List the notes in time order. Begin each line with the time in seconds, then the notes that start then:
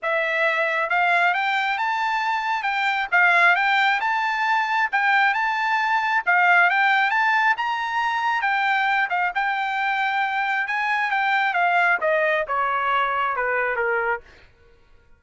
0.02 E5
0.89 F5
1.34 G5
1.78 A5
2.62 G5
3.11 F5
3.55 G5
4.00 A5
4.92 G5
5.33 A5
6.26 F5
6.69 G5
7.10 A5
7.57 A#5
8.41 G5
9.09 F5
9.35 G5
10.67 G#5
11.11 G5
11.53 F5
12.00 D#5
12.47 C#5
13.36 B4
13.76 A#4